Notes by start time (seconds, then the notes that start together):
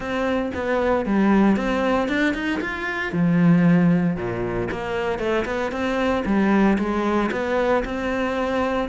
0.00 C4
0.54 B3
1.05 G3
1.56 C4
2.08 D4
2.34 D#4
2.60 F4
3.12 F3
4.16 A#2
4.71 A#3
5.18 A3
5.45 B3
5.71 C4
6.25 G3
6.78 G#3
7.31 B3
7.84 C4